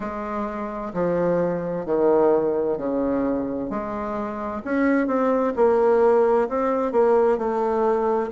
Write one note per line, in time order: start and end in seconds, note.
0.00 0.92 G#3
0.93 1.85 F3
1.85 2.77 D#3
2.77 3.69 C#3
3.69 4.62 G#3
4.64 5.07 C#4
5.07 5.53 C4
5.56 6.48 A#3
6.48 6.91 C4
6.91 7.38 A#3
7.38 8.30 A3